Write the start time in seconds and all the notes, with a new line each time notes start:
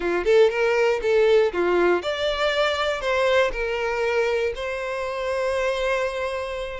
0.00 F4
0.24 A4
0.50 A#4
1.02 A4
1.52 F4
2.02 D5
3.00 C5
3.52 A#4
4.55 C5